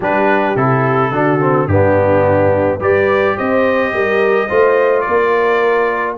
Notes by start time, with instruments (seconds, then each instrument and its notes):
0.00 tuba G3, trombone D4, horn G4, trumpet B4
0.55 tuba C3, trombone E4, trumpet A4
1.11 tuba D3, trombone D4, horn F#4
1.40 trombone C4
1.66 tuba G2, trombone B3, horn D4, trumpet G4
2.78 tuba G3, trombone G4, horn B4, trumpet D5
3.36 tuba C4, horn C5, trumpet D#5
3.93 tuba G3, horn A#4
4.47 tuba A3, trombone F4, horn C5
5.00 horn A#4, trumpet D5
5.08 tuba A#3